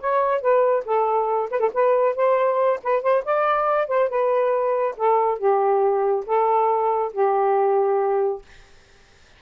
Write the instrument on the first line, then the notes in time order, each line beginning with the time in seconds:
saxophone
0.00 C#5
0.41 B4
0.85 A4
1.50 B4
1.60 A4
1.73 B4
2.15 C5
2.83 B4
3.02 C5
3.25 D5
3.87 C5
4.09 B4
4.97 A4
5.38 G4
6.26 A4
7.12 G4